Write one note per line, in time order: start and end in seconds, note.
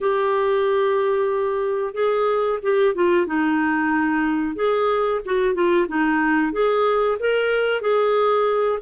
0.01 1.94 G4
1.94 2.59 G#4
2.62 2.94 G4
2.94 3.26 F4
3.26 4.55 D#4
4.55 5.20 G#4
5.25 5.54 F#4
5.54 5.87 F4
5.88 6.52 D#4
6.52 7.17 G#4
7.19 7.81 A#4
7.81 8.79 G#4